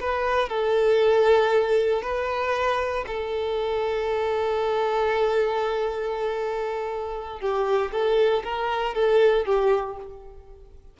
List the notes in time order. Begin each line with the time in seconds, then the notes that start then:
0.00 B4
0.49 A4
2.02 B4
3.07 A4
7.40 G4
7.92 A4
8.44 A#4
8.95 A4
9.46 G4